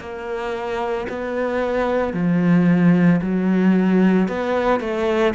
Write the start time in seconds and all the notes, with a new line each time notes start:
0.00 A#3
1.09 B3
2.14 F3
3.22 F#3
4.29 B3
4.80 A3